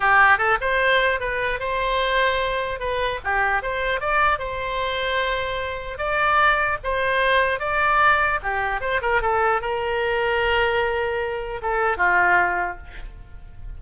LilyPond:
\new Staff \with { instrumentName = "oboe" } { \time 4/4 \tempo 4 = 150 g'4 a'8 c''4. b'4 | c''2. b'4 | g'4 c''4 d''4 c''4~ | c''2. d''4~ |
d''4 c''2 d''4~ | d''4 g'4 c''8 ais'8 a'4 | ais'1~ | ais'4 a'4 f'2 | }